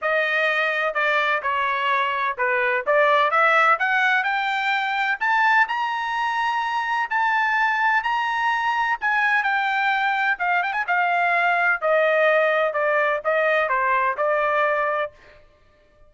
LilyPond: \new Staff \with { instrumentName = "trumpet" } { \time 4/4 \tempo 4 = 127 dis''2 d''4 cis''4~ | cis''4 b'4 d''4 e''4 | fis''4 g''2 a''4 | ais''2. a''4~ |
a''4 ais''2 gis''4 | g''2 f''8 g''16 gis''16 f''4~ | f''4 dis''2 d''4 | dis''4 c''4 d''2 | }